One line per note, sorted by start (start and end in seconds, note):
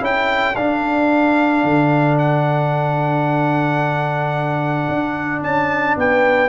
0.00 0.55 C#4
0.00 0.54 E4
0.00 5.97 A4
0.00 0.56 G5
0.56 1.64 D4
0.56 6.50 D4
0.56 2.18 F5
1.64 4.88 D3
2.19 5.43 F#5
4.89 5.43 D4
5.43 5.97 C#4
5.43 5.97 A5
5.97 6.50 B3
5.97 6.50 B4
5.97 6.50 G5